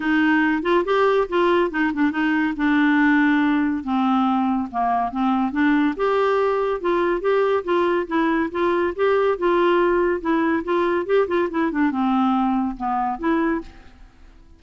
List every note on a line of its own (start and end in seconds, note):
0.00 0.62 D#4
0.62 0.83 F4
0.85 1.27 G4
1.29 1.70 F4
1.70 1.91 D#4
1.93 2.11 D4
2.11 2.54 D#4
2.56 3.83 D4
3.83 4.68 C4
4.71 5.11 A#3
5.11 5.52 C4
5.52 5.94 D4
5.96 6.80 G4
6.80 7.21 F4
7.21 7.63 G4
7.64 8.06 F4
8.07 8.50 E4
8.51 8.93 F4
8.95 9.37 G4
9.37 10.20 F4
10.20 10.63 E4
10.64 11.06 F4
11.06 11.27 G4
11.27 11.49 F4
11.50 11.71 E4
11.71 11.91 D4
11.91 12.76 C4
12.76 13.18 B3
13.18 13.61 E4